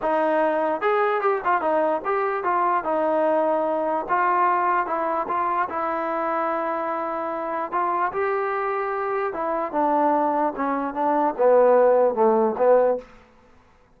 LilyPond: \new Staff \with { instrumentName = "trombone" } { \time 4/4 \tempo 4 = 148 dis'2 gis'4 g'8 f'8 | dis'4 g'4 f'4 dis'4~ | dis'2 f'2 | e'4 f'4 e'2~ |
e'2. f'4 | g'2. e'4 | d'2 cis'4 d'4 | b2 a4 b4 | }